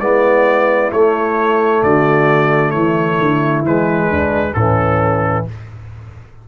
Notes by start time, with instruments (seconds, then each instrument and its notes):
0.00 tuba G#3, trombone B3, horn E4, trumpet D5
0.92 tuba A3, trombone A3, trumpet C#5
1.83 tuba D3, horn F#4, trumpet D5
2.70 tuba E3, horn E4, trumpet C#5
3.20 tuba D3
3.63 tuba E3, trombone G#3, trumpet B4
4.10 tuba D2, horn D4
4.54 tuba A2, trombone E3, horn C#4, trumpet A4